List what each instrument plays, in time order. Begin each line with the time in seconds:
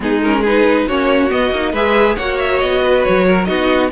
0.00 cello G#3, viola B3, violin D#4 G#4
0.22 viola C#4, violin A#4
0.40 viola D#4, violin G#4 B4
0.87 cello A#3, viola C#4, violin F#4 C#5
1.29 viola B3, cello B3, violin D#5
1.51 cello A#3, viola D#4
1.72 cello G#3, viola G#4, violin B4 E5
2.16 cello A#3, viola F#4, violin C#5 F#5
2.38 violin E5
2.59 cello B3, violin D#5
2.83 violin B4
3.03 cello F#3, violin C#5
3.26 violin A#4
3.44 cello B3, viola D#4, violin F#4 D#5